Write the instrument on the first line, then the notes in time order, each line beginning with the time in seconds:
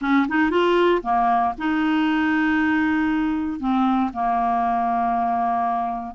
clarinet
0.01 C#4
0.28 D#4
0.50 F4
1.02 A#3
1.58 D#4
3.59 C4
4.13 A#3